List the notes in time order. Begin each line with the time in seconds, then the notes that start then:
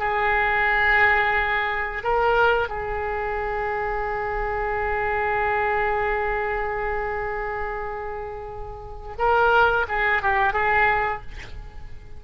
0.00 G#4
2.04 A#4
2.69 G#4
9.19 A#4
9.89 G#4
10.23 G4
10.54 G#4